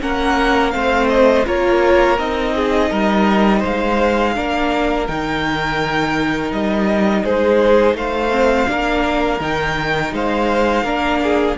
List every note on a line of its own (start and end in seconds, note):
0.00 0.74 A#3
0.00 0.72 C#4
0.00 0.74 A#4
0.00 0.70 F#5
0.70 1.46 A3
0.70 1.44 C4
0.70 1.46 C5
0.70 1.07 F5
1.09 1.45 D#5
1.45 2.19 A#3
1.45 2.18 F4
1.45 2.55 A#4
1.45 2.18 C#5
2.18 2.91 C4
2.18 4.35 D#4
2.18 3.63 D#5
2.55 2.90 G#4
2.90 3.64 G3
2.90 3.59 A#4
3.59 4.36 G#3
3.59 4.31 C5
3.59 5.07 F5
4.35 5.08 A#3
4.35 5.07 D4
4.35 7.24 A#4
5.07 6.52 D#3
5.07 8.30 D#4
5.07 6.52 G5
6.52 7.24 G3
6.52 7.25 D#5
7.24 7.94 G#3
7.24 7.96 G#4
7.24 7.97 C5
7.94 8.66 A3
7.94 8.69 C5
7.94 9.41 F5
8.30 8.66 C4
8.67 9.40 A#3
8.67 9.39 D4
8.67 10.14 A#4
9.40 10.12 D#3
9.40 10.85 D#4
9.40 10.13 G5
10.12 10.84 G#3
10.12 10.84 C5
10.12 11.57 F5
10.84 11.56 A#3
10.84 11.57 D4
10.84 11.20 A#4
11.23 11.57 G#4